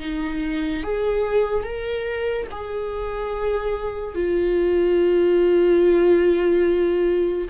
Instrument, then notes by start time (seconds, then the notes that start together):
viola
0.00 D#4
0.84 G#4
1.64 A#4
2.52 G#4
4.15 F4